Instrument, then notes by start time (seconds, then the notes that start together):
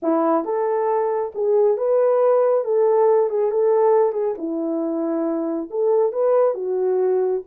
horn
0.02 E4
0.44 A4
1.35 G#4
1.77 B4
2.64 A4
3.29 G#4
3.51 A4
4.12 G#4
4.38 E4
5.70 A4
6.12 B4
6.54 F#4